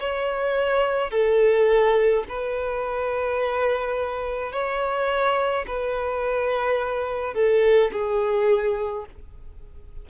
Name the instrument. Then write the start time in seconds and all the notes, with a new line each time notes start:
violin
0.00 C#5
1.11 A4
2.28 B4
4.52 C#5
5.67 B4
7.34 A4
7.92 G#4